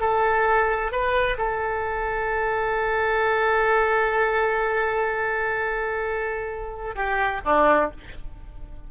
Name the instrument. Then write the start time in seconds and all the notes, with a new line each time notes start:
oboe
0.00 A4
0.92 B4
1.38 A4
6.95 G4
7.45 D4